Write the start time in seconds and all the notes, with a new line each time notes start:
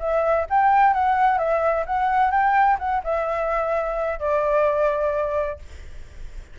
0.00 E5
0.50 G5
0.94 F#5
1.38 E5
1.87 F#5
2.31 G5
2.79 F#5
3.04 E5
4.20 D5